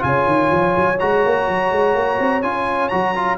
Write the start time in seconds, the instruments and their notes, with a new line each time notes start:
0.00 tuba C#3, trombone F4, horn C#5, trumpet G#5
0.27 tuba D#3
0.52 tuba F3
0.77 tuba F#3
0.99 tuba G#3, trombone F#4, trumpet A#5
1.26 tuba A#3
1.48 tuba F#3
1.71 tuba G#3
1.95 tuba A#3
2.19 tuba C4
2.42 tuba C#4, trombone F4, trumpet G#5
2.89 tuba F#3, trombone F#4, trumpet A#5
3.16 trombone F4